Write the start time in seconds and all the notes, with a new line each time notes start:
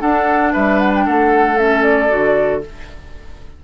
0.00 D4 A4 F#5
0.53 G3 B4 E5
0.79 F#5
0.95 G5
1.06 A3 A4 F#5
1.57 C#4 E5
1.83 D5
2.09 D3 F#4